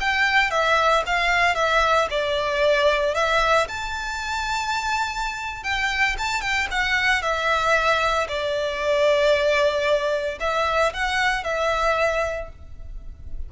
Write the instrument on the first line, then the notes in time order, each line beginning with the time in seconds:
violin
0.00 G5
0.50 E5
1.06 F5
1.55 E5
2.10 D5
3.15 E5
3.68 A5
5.63 G5
6.18 A5
6.41 G5
6.71 F#5
7.22 E5
8.28 D5
10.40 E5
10.93 F#5
11.44 E5